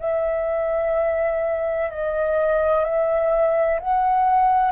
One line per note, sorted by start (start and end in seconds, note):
0.00 1.90 E5
1.90 2.84 D#5
2.84 3.80 E5
3.80 4.72 F#5